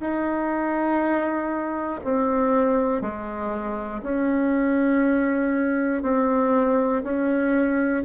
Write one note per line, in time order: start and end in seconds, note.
0.00 2.00 D#4
2.04 3.01 C4
3.01 4.01 G#3
4.02 6.02 C#4
6.02 7.02 C4
7.03 8.03 C#4